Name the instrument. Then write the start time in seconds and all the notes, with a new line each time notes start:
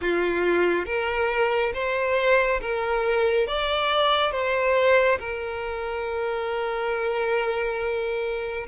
violin
0.01 F4
0.85 A#4
1.73 C5
2.61 A#4
3.47 D5
4.31 C5
5.19 A#4